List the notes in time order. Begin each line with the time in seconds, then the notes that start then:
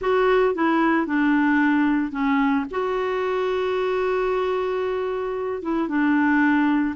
0.01 F#4
0.55 E4
1.06 D4
2.11 C#4
2.71 F#4
5.62 E4
5.88 D4